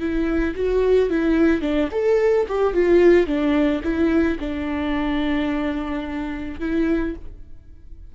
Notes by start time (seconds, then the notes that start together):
0.00 E4
0.56 F#4
1.10 E4
1.62 D4
1.92 A4
2.49 G4
2.74 F4
3.27 D4
3.84 E4
4.40 D4
6.60 E4